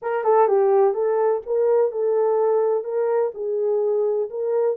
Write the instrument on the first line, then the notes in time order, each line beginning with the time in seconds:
horn
0.02 A#4
0.24 A4
0.47 G4
0.94 A4
1.46 A#4
1.91 A4
2.84 A#4
3.34 G#4
4.29 A#4